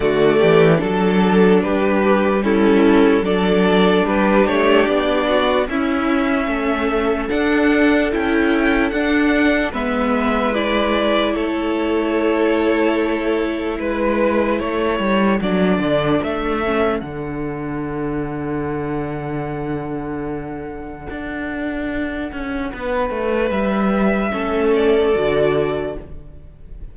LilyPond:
<<
  \new Staff \with { instrumentName = "violin" } { \time 4/4 \tempo 4 = 74 d''4 a'4 b'4 a'4 | d''4 b'8 cis''8 d''4 e''4~ | e''4 fis''4 g''4 fis''4 | e''4 d''4 cis''2~ |
cis''4 b'4 cis''4 d''4 | e''4 fis''2.~ | fis''1~ | fis''4 e''4. d''4. | }
  \new Staff \with { instrumentName = "violin" } { \time 4/4 fis'8 g'8 a'4 g'4 e'4 | a'4 g'4. fis'8 e'4 | a'1 | b'2 a'2~ |
a'4 b'4 a'2~ | a'1~ | a'1 | b'2 a'2 | }
  \new Staff \with { instrumentName = "viola" } { \time 4/4 a4 d'2 cis'4 | d'2. cis'4~ | cis'4 d'4 e'4 d'4 | b4 e'2.~ |
e'2. d'4~ | d'8 cis'8 d'2.~ | d'1~ | d'2 cis'4 fis'4 | }
  \new Staff \with { instrumentName = "cello" } { \time 4/4 d8 e8 fis4 g2 | fis4 g8 a8 b4 cis'4 | a4 d'4 cis'4 d'4 | gis2 a2~ |
a4 gis4 a8 g8 fis8 d8 | a4 d2.~ | d2 d'4. cis'8 | b8 a8 g4 a4 d4 | }
>>